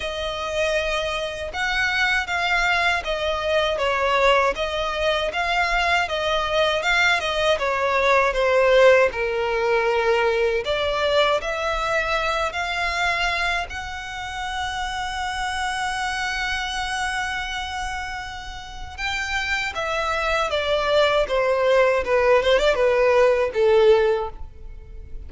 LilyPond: \new Staff \with { instrumentName = "violin" } { \time 4/4 \tempo 4 = 79 dis''2 fis''4 f''4 | dis''4 cis''4 dis''4 f''4 | dis''4 f''8 dis''8 cis''4 c''4 | ais'2 d''4 e''4~ |
e''8 f''4. fis''2~ | fis''1~ | fis''4 g''4 e''4 d''4 | c''4 b'8 c''16 d''16 b'4 a'4 | }